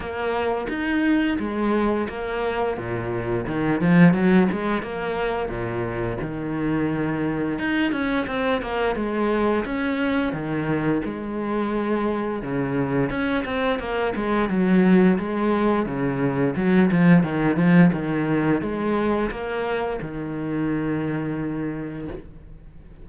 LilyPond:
\new Staff \with { instrumentName = "cello" } { \time 4/4 \tempo 4 = 87 ais4 dis'4 gis4 ais4 | ais,4 dis8 f8 fis8 gis8 ais4 | ais,4 dis2 dis'8 cis'8 | c'8 ais8 gis4 cis'4 dis4 |
gis2 cis4 cis'8 c'8 | ais8 gis8 fis4 gis4 cis4 | fis8 f8 dis8 f8 dis4 gis4 | ais4 dis2. | }